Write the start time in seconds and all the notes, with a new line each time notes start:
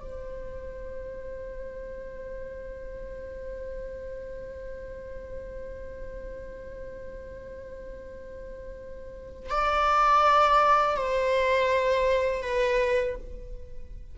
0.00 C5
9.50 D5
10.97 C5
12.42 B4